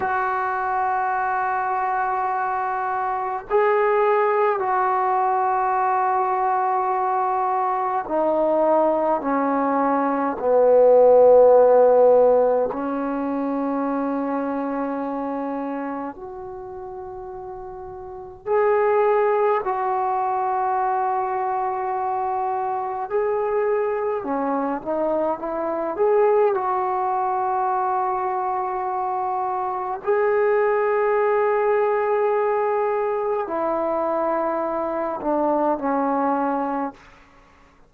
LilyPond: \new Staff \with { instrumentName = "trombone" } { \time 4/4 \tempo 4 = 52 fis'2. gis'4 | fis'2. dis'4 | cis'4 b2 cis'4~ | cis'2 fis'2 |
gis'4 fis'2. | gis'4 cis'8 dis'8 e'8 gis'8 fis'4~ | fis'2 gis'2~ | gis'4 e'4. d'8 cis'4 | }